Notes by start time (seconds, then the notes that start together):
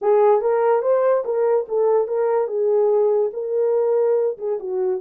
0.01 G#4
0.41 A#4
0.82 C5
1.24 A#4
1.68 A4
2.07 A#4
2.47 G#4
3.33 A#4
4.38 G#4
4.59 F#4